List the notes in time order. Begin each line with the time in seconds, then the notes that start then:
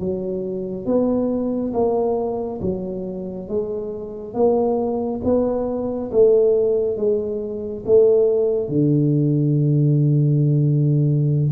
0.00 F#3
0.86 B3
1.74 A#3
2.62 F#3
3.49 G#3
4.34 A#3
5.24 B3
6.12 A3
6.97 G#3
7.86 A3
8.69 D3